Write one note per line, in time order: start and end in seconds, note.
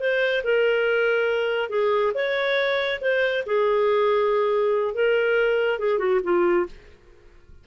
0.00 0.43 C5
0.44 1.70 A#4
1.70 2.13 G#4
2.14 3.00 C#5
3.01 3.44 C5
3.47 4.95 G#4
4.95 5.79 A#4
5.79 5.99 G#4
5.99 6.20 F#4
6.23 6.66 F4